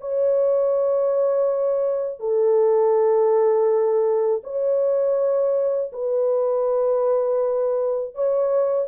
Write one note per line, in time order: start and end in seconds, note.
0.00 2.20 C#5
2.20 4.41 A4
4.43 5.92 C#5
5.92 8.14 B4
8.14 8.88 C#5